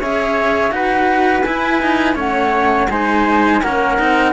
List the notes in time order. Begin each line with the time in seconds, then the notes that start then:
0.00 C#4 G#4 C#5 E5
0.71 D#4 F#4 B4 F#5
1.43 E4 G#5
1.82 D#4
2.15 A3 C#4 C#5 F#5
2.89 G#3 D#4 C5 G#5
3.62 A#3 C#4 A#4 F#5
3.99 C4 D#4